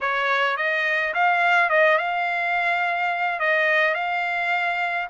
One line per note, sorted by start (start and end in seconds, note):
0.00 0.57 C#5
0.57 1.13 D#5
1.13 1.69 F5
1.69 1.98 D#5
1.98 3.39 F5
3.39 3.94 D#5
3.94 5.07 F5